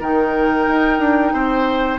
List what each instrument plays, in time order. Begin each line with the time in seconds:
0.00 bassoon D#3, clarinet D#4, oboe A#4, flute G5
0.67 bassoon D#4
0.99 bassoon D4
1.33 bassoon C4, oboe C5